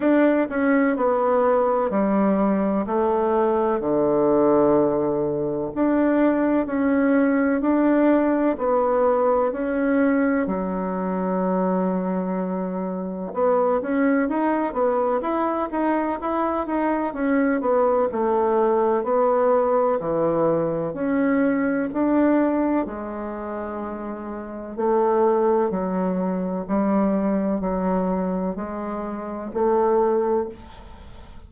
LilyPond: \new Staff \with { instrumentName = "bassoon" } { \time 4/4 \tempo 4 = 63 d'8 cis'8 b4 g4 a4 | d2 d'4 cis'4 | d'4 b4 cis'4 fis4~ | fis2 b8 cis'8 dis'8 b8 |
e'8 dis'8 e'8 dis'8 cis'8 b8 a4 | b4 e4 cis'4 d'4 | gis2 a4 fis4 | g4 fis4 gis4 a4 | }